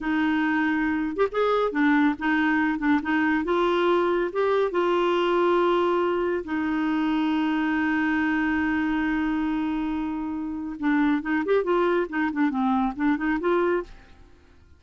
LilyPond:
\new Staff \with { instrumentName = "clarinet" } { \time 4/4 \tempo 4 = 139 dis'2~ dis'8. g'16 gis'4 | d'4 dis'4. d'8 dis'4 | f'2 g'4 f'4~ | f'2. dis'4~ |
dis'1~ | dis'1~ | dis'4 d'4 dis'8 g'8 f'4 | dis'8 d'8 c'4 d'8 dis'8 f'4 | }